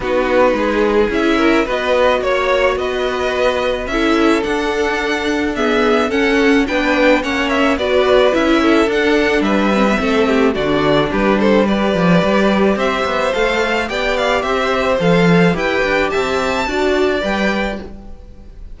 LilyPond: <<
  \new Staff \with { instrumentName = "violin" } { \time 4/4 \tempo 4 = 108 b'2 e''4 dis''4 | cis''4 dis''2 e''4 | fis''2 e''4 fis''4 | g''4 fis''8 e''8 d''4 e''4 |
fis''4 e''2 d''4 | b'8 c''8 d''2 e''4 | f''4 g''8 f''8 e''4 f''4 | g''4 a''2 g''4 | }
  \new Staff \with { instrumentName = "violin" } { \time 4/4 fis'4 gis'4. ais'8 b'4 | cis''4 b'2 a'4~ | a'2 gis'4 a'4 | b'4 cis''4 b'4. a'8~ |
a'4 b'4 a'8 g'8 fis'4 | g'8 a'8 b'2 c''4~ | c''4 d''4 c''2 | b'4 e''4 d''2 | }
  \new Staff \with { instrumentName = "viola" } { \time 4/4 dis'2 e'4 fis'4~ | fis'2. e'4 | d'2 b4 cis'4 | d'4 cis'4 fis'4 e'4 |
d'4. c'16 b16 c'4 d'4~ | d'4 g'2. | a'4 g'2 a'4 | g'2 fis'4 b'4 | }
  \new Staff \with { instrumentName = "cello" } { \time 4/4 b4 gis4 cis'4 b4 | ais4 b2 cis'4 | d'2. cis'4 | b4 ais4 b4 cis'4 |
d'4 g4 a4 d4 | g4. f8 g4 c'8 b8 | a4 b4 c'4 f4 | e'8 d'8 c'4 d'4 g4 | }
>>